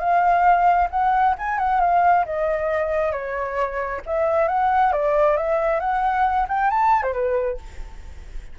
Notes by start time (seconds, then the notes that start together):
0.00 F5
0.91 F#5
1.39 G#5
1.59 F#5
1.81 F5
2.26 D#5
3.12 C#5
4.06 E5
4.48 F#5
4.93 D5
5.37 E5
5.81 F#5
6.49 G5
6.71 A5
7.03 C5
7.13 B4